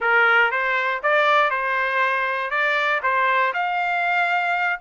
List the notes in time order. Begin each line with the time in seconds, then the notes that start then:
0.00 A#4
0.51 C5
1.02 D5
1.50 C5
2.50 D5
3.02 C5
3.53 F5